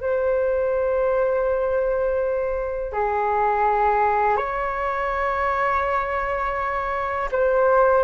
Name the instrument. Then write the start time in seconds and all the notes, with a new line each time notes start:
flute
0.00 C5
2.92 G#4
4.36 C#5
7.31 C5